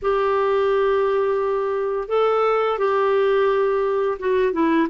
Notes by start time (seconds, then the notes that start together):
0.02 G4
2.08 A4
2.78 G4
4.19 F#4
4.53 E4